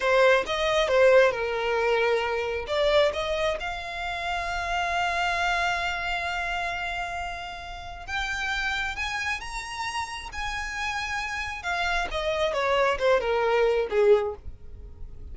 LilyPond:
\new Staff \with { instrumentName = "violin" } { \time 4/4 \tempo 4 = 134 c''4 dis''4 c''4 ais'4~ | ais'2 d''4 dis''4 | f''1~ | f''1~ |
f''2 g''2 | gis''4 ais''2 gis''4~ | gis''2 f''4 dis''4 | cis''4 c''8 ais'4. gis'4 | }